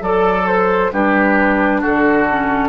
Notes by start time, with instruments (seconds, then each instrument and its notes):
0.00 bassoon F#3, oboe A4, clarinet A4, flute D5
0.46 flute C5
0.92 bassoon G3, clarinet D4, oboe G4, flute B4
1.80 bassoon D3, oboe F#4, flute A4
2.30 clarinet C#4